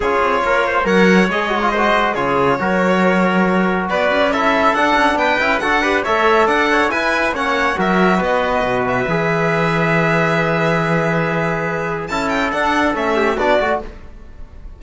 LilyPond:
<<
  \new Staff \with { instrumentName = "violin" } { \time 4/4 \tempo 4 = 139 cis''2 fis''4 dis''4~ | dis''4 cis''2.~ | cis''4 d''4 e''4 fis''4 | g''4 fis''4 e''4 fis''4 |
gis''4 fis''4 e''4 dis''4~ | dis''8 e''2.~ e''8~ | e''1 | a''8 g''8 fis''4 e''4 d''4 | }
  \new Staff \with { instrumentName = "trumpet" } { \time 4/4 gis'4 ais'8 c''8 cis''2 | c''4 gis'4 ais'2~ | ais'4 b'4 a'2 | b'4 a'8 b'8 cis''4 d''8 cis''8 |
b'4 cis''4 ais'4 b'4~ | b'1~ | b'1 | a'2~ a'8 g'8 fis'4 | }
  \new Staff \with { instrumentName = "trombone" } { \time 4/4 f'2 ais'4 gis'8 fis'16 f'16 | fis'4 f'4 fis'2~ | fis'2 e'4 d'4~ | d'8 e'8 fis'8 g'8 a'2 |
e'4 cis'4 fis'2~ | fis'4 gis'2.~ | gis'1 | e'4 d'4 cis'4 d'8 fis'8 | }
  \new Staff \with { instrumentName = "cello" } { \time 4/4 cis'8 c'8 ais4 fis4 gis4~ | gis4 cis4 fis2~ | fis4 b8 cis'4. d'8 cis'8 | b8 cis'8 d'4 a4 d'4 |
e'4 ais4 fis4 b4 | b,4 e2.~ | e1 | cis'4 d'4 a4 b8 a8 | }
>>